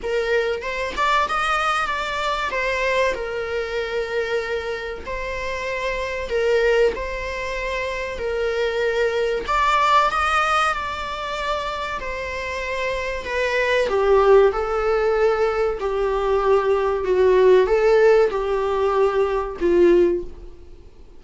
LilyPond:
\new Staff \with { instrumentName = "viola" } { \time 4/4 \tempo 4 = 95 ais'4 c''8 d''8 dis''4 d''4 | c''4 ais'2. | c''2 ais'4 c''4~ | c''4 ais'2 d''4 |
dis''4 d''2 c''4~ | c''4 b'4 g'4 a'4~ | a'4 g'2 fis'4 | a'4 g'2 f'4 | }